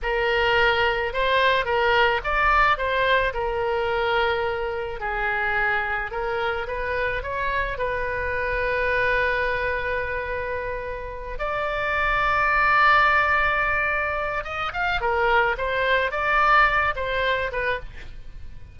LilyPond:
\new Staff \with { instrumentName = "oboe" } { \time 4/4 \tempo 4 = 108 ais'2 c''4 ais'4 | d''4 c''4 ais'2~ | ais'4 gis'2 ais'4 | b'4 cis''4 b'2~ |
b'1~ | b'8 d''2.~ d''8~ | d''2 dis''8 f''8 ais'4 | c''4 d''4. c''4 b'8 | }